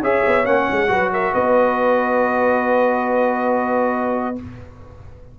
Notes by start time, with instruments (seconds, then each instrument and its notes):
0.00 tuba C#4, trombone G#4, horn C#5, trumpet E5
0.26 tuba B3
0.44 tuba A#3, trombone C#4, trumpet F#5
0.71 tuba G#3
0.87 tuba F#3, trombone F#4, horn B4
1.12 horn A#4, trumpet E5
1.33 tuba B3, horn B4, trumpet D#5